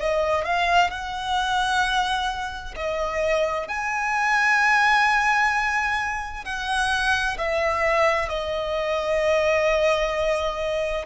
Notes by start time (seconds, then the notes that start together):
0.00 D#5
0.45 F5
0.91 F#5
2.77 D#5
3.68 G#5
6.45 F#5
7.38 E5
8.29 D#5